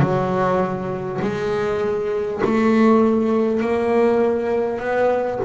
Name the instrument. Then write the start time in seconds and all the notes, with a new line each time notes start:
double bass
0.00 F#3
1.22 G#3
2.44 A3
3.61 A#3
4.80 B3